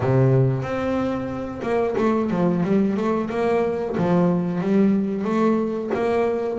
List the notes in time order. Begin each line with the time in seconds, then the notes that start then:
0.00 C3
0.62 C4
1.62 A#3
1.97 A3
2.30 F3
2.63 G3
2.96 A3
3.30 A#3
3.97 F3
4.60 G3
5.24 A3
5.93 A#3